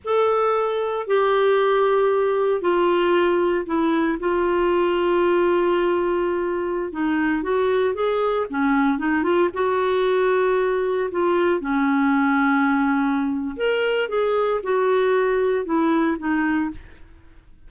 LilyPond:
\new Staff \with { instrumentName = "clarinet" } { \time 4/4 \tempo 4 = 115 a'2 g'2~ | g'4 f'2 e'4 | f'1~ | f'4~ f'16 dis'4 fis'4 gis'8.~ |
gis'16 cis'4 dis'8 f'8 fis'4.~ fis'16~ | fis'4~ fis'16 f'4 cis'4.~ cis'16~ | cis'2 ais'4 gis'4 | fis'2 e'4 dis'4 | }